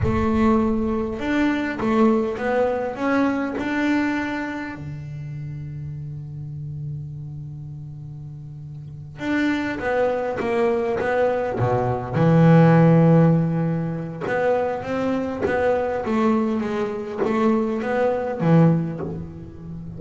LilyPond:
\new Staff \with { instrumentName = "double bass" } { \time 4/4 \tempo 4 = 101 a2 d'4 a4 | b4 cis'4 d'2 | d1~ | d2.~ d8 d'8~ |
d'8 b4 ais4 b4 b,8~ | b,8 e2.~ e8 | b4 c'4 b4 a4 | gis4 a4 b4 e4 | }